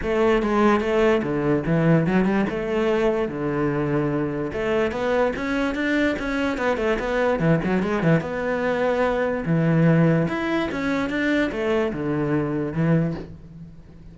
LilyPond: \new Staff \with { instrumentName = "cello" } { \time 4/4 \tempo 4 = 146 a4 gis4 a4 d4 | e4 fis8 g8 a2 | d2. a4 | b4 cis'4 d'4 cis'4 |
b8 a8 b4 e8 fis8 gis8 e8 | b2. e4~ | e4 e'4 cis'4 d'4 | a4 d2 e4 | }